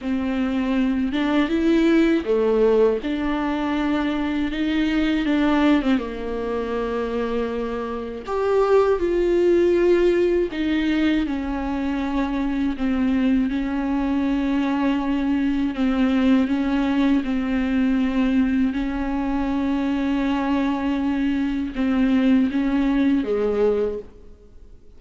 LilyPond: \new Staff \with { instrumentName = "viola" } { \time 4/4 \tempo 4 = 80 c'4. d'8 e'4 a4 | d'2 dis'4 d'8. c'16 | ais2. g'4 | f'2 dis'4 cis'4~ |
cis'4 c'4 cis'2~ | cis'4 c'4 cis'4 c'4~ | c'4 cis'2.~ | cis'4 c'4 cis'4 gis4 | }